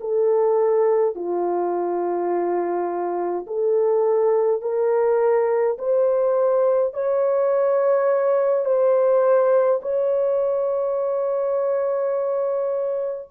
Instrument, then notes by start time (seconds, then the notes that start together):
horn
0.00 A4
1.15 F4
3.47 A4
4.62 A#4
5.78 C5
6.93 C#5
8.65 C5
9.82 C#5